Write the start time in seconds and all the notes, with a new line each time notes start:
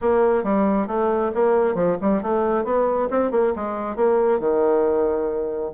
0.01 A#3
0.43 G3
0.87 A3
1.34 A#3
1.74 F3
2.01 G3
2.22 A3
2.64 B3
3.10 C4
3.31 A#3
3.55 G#3
3.96 A#3
4.39 D#3